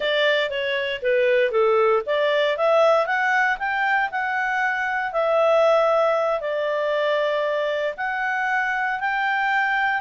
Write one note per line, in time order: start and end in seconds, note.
0.00 0.50 D5
0.50 1.01 C#5
1.01 1.51 B4
1.51 2.02 A4
2.06 2.57 D5
2.57 3.06 E5
3.06 3.57 F#5
3.58 4.10 G5
4.11 5.12 F#5
5.12 6.40 E5
6.40 7.94 D5
7.97 9.00 F#5
9.00 10.01 G5